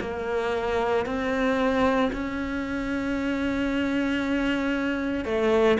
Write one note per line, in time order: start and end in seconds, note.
0.00 1.05 A#3
1.05 2.11 C4
2.12 5.25 C#4
5.25 5.78 A3